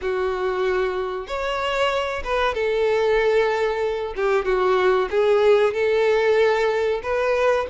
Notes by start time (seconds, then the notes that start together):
0.01 F#4
1.27 C#5
2.23 B4
2.54 A4
4.16 G4
4.45 F#4
5.10 G#4
5.73 A4
7.02 B4